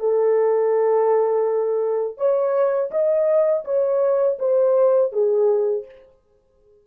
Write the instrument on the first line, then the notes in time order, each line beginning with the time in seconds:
horn
0.00 A4
2.18 C#5
2.91 D#5
3.65 C#5
4.39 C5
5.13 G#4